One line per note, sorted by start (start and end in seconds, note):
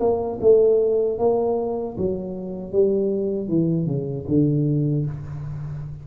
0.00 0.39 A#3
0.41 1.19 A3
1.19 1.97 A#3
1.98 2.72 F#3
2.72 3.49 G3
3.49 3.87 E3
3.87 4.26 C#3
4.28 5.06 D3